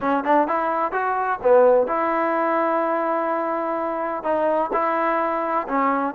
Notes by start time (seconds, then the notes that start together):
0.00 C#4
0.24 D4
0.47 E4
0.91 F#4
1.42 B3
1.87 E4
4.23 D#4
4.72 E4
5.67 C#4